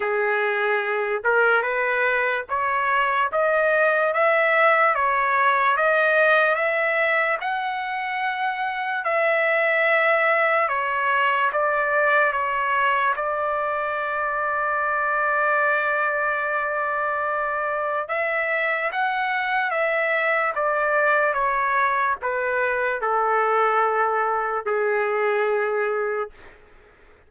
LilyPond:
\new Staff \with { instrumentName = "trumpet" } { \time 4/4 \tempo 4 = 73 gis'4. ais'8 b'4 cis''4 | dis''4 e''4 cis''4 dis''4 | e''4 fis''2 e''4~ | e''4 cis''4 d''4 cis''4 |
d''1~ | d''2 e''4 fis''4 | e''4 d''4 cis''4 b'4 | a'2 gis'2 | }